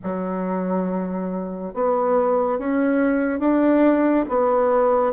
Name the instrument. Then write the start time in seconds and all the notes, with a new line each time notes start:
bassoon
0.03 F#3
1.74 B3
2.58 C#4
3.39 D4
4.28 B3